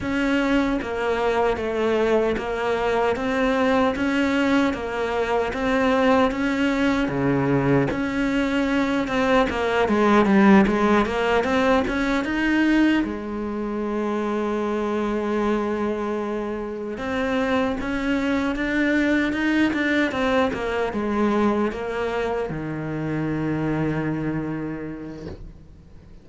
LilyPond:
\new Staff \with { instrumentName = "cello" } { \time 4/4 \tempo 4 = 76 cis'4 ais4 a4 ais4 | c'4 cis'4 ais4 c'4 | cis'4 cis4 cis'4. c'8 | ais8 gis8 g8 gis8 ais8 c'8 cis'8 dis'8~ |
dis'8 gis2.~ gis8~ | gis4. c'4 cis'4 d'8~ | d'8 dis'8 d'8 c'8 ais8 gis4 ais8~ | ais8 dis2.~ dis8 | }